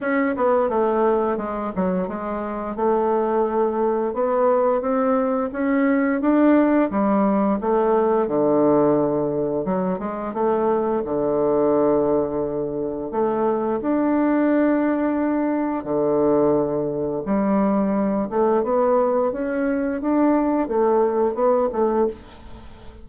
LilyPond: \new Staff \with { instrumentName = "bassoon" } { \time 4/4 \tempo 4 = 87 cis'8 b8 a4 gis8 fis8 gis4 | a2 b4 c'4 | cis'4 d'4 g4 a4 | d2 fis8 gis8 a4 |
d2. a4 | d'2. d4~ | d4 g4. a8 b4 | cis'4 d'4 a4 b8 a8 | }